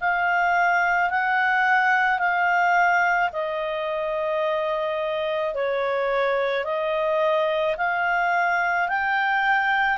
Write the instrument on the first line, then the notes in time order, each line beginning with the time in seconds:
clarinet
0.00 F5
1.10 F#5
2.18 F5
3.32 D#5
5.54 C#5
6.64 D#5
7.77 F5
8.88 G5